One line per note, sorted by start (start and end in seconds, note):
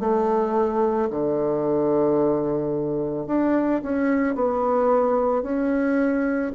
0.00 1.09 A3
1.10 3.27 D3
3.27 3.81 D4
3.83 4.35 C#4
4.35 5.42 B3
5.42 6.52 C#4